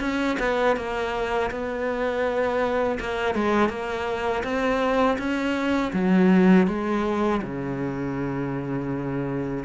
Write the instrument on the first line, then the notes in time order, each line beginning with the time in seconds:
cello
0.00 C#4
0.39 B3
0.76 A#3
1.51 B3
3.00 A#3
3.35 G#3
3.69 A#3
4.44 C4
5.19 C#4
5.93 F#3
6.67 G#3
7.42 C#3